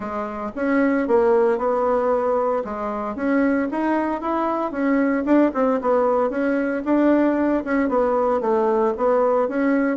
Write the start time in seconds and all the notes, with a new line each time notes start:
0.00 G#3
0.55 C#4
1.07 A#3
1.58 B3
2.64 G#3
3.15 C#4
3.71 D#4
4.21 E4
4.71 C#4
5.25 D4
5.54 C4
5.81 B3
6.30 C#4
6.84 D4
7.64 C#4
7.89 B3
8.41 A3
8.97 B3
9.48 C#4